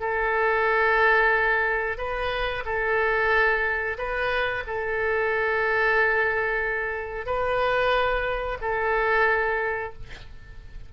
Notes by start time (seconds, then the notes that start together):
0.00 A4
1.98 B4
2.65 A4
3.98 B4
4.67 A4
7.26 B4
8.62 A4